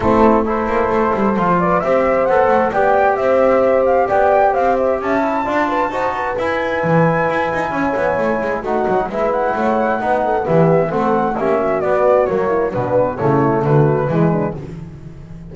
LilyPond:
<<
  \new Staff \with { instrumentName = "flute" } { \time 4/4 \tempo 4 = 132 a'4 c''2~ c''8 d''8 | e''4 fis''4 g''4 e''4~ | e''8 f''8 g''4 f''8 e''8 a''4~ | a''2 gis''2~ |
gis''2. fis''4 | e''8 fis''2~ fis''8 e''4 | fis''4 e''4 d''4 cis''4 | b'4 cis''4 b'2 | }
  \new Staff \with { instrumentName = "horn" } { \time 4/4 e'4 a'2~ a'8 b'8 | c''2 d''4 c''4~ | c''4 d''4 c''4 e''4 | d''8 b'8 c''8 b'2~ b'8~ |
b'4 cis''2 fis'4 | b'4 cis''4 b'8 a'8 g'4 | a'4 g'8 fis'2 e'8 | d'4 e'4 fis'4 e'8 d'8 | }
  \new Staff \with { instrumentName = "trombone" } { \time 4/4 c'4 e'2 f'4 | g'4 a'4 g'2~ | g'2.~ g'8 e'8 | f'4 fis'4 e'2~ |
e'2. dis'4 | e'2 dis'4 b4 | c'4 cis'4 b4 ais4 | b4 a2 gis4 | }
  \new Staff \with { instrumentName = "double bass" } { \time 4/4 a4. ais8 a8 g8 f4 | c'4 b8 a8 b4 c'4~ | c'4 b4 c'4 cis'4 | d'4 dis'4 e'4 e4 |
e'8 dis'8 cis'8 b8 a8 gis8 a8 fis8 | gis4 a4 b4 e4 | a4 ais4 b4 fis4 | b,4 cis4 d4 e4 | }
>>